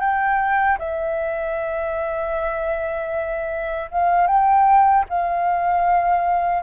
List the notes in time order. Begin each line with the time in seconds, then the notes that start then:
0.00 G5
0.78 E5
3.91 F5
4.27 G5
5.09 F5